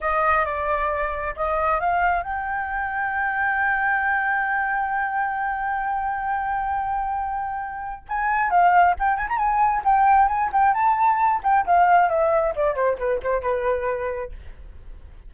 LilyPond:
\new Staff \with { instrumentName = "flute" } { \time 4/4 \tempo 4 = 134 dis''4 d''2 dis''4 | f''4 g''2.~ | g''1~ | g''1~ |
g''2 gis''4 f''4 | g''8 gis''16 ais''16 gis''4 g''4 gis''8 g''8 | a''4. g''8 f''4 e''4 | d''8 c''8 b'8 c''8 b'2 | }